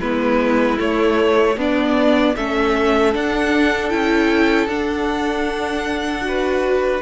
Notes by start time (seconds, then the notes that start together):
0.00 G#3 B3 E4 B4
0.78 A3 C#5
1.57 B3 D4 D5
2.36 A3 C#4 A4 E5
3.13 D4 F#5
3.89 C#4 E4 G5
4.67 D4 F#5
6.22 F#4
6.28 B4